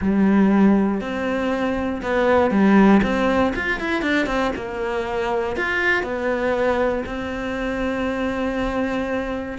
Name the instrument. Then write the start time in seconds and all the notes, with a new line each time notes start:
cello
0.01 G3
1.00 C4
2.02 B3
2.50 G3
3.03 C4
3.55 F4
3.79 E4
4.02 D4
4.26 C4
4.55 A#3
5.56 F4
6.03 B3
7.06 C4